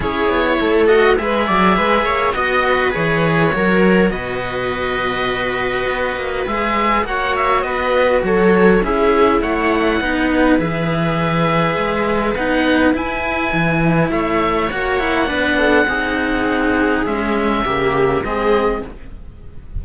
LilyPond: <<
  \new Staff \with { instrumentName = "oboe" } { \time 4/4 \tempo 4 = 102 cis''4. dis''8 e''2 | dis''4 cis''2 dis''4~ | dis''2. e''4 | fis''8 e''8 dis''4 cis''4 e''4 |
fis''2 e''2~ | e''4 fis''4 gis''2 | e''4 fis''2.~ | fis''4 e''2 dis''4 | }
  \new Staff \with { instrumentName = "viola" } { \time 4/4 gis'4 a'4 b'8 d''8 b'8 cis''8 | dis''8 b'4. ais'4 b'4~ | b'1 | cis''4 b'4 a'4 gis'4 |
cis''4 b'2.~ | b'1 | cis''2 b'8 a'8 gis'4~ | gis'2 g'4 gis'4 | }
  \new Staff \with { instrumentName = "cello" } { \time 4/4 e'4. fis'8 gis'2 | fis'4 gis'4 fis'2~ | fis'2. gis'4 | fis'2. e'4~ |
e'4 dis'4 gis'2~ | gis'4 dis'4 e'2~ | e'4 fis'8 e'8 d'4 dis'4~ | dis'4 gis4 ais4 c'4 | }
  \new Staff \with { instrumentName = "cello" } { \time 4/4 cis'8 b8 a4 gis8 fis8 gis8 ais8 | b4 e4 fis4 b,4~ | b,2 b8 ais8 gis4 | ais4 b4 fis4 cis'4 |
a4 b4 e2 | gis4 b4 e'4 e4 | a4 ais4 b4 c'4~ | c'4 cis'4 cis4 gis4 | }
>>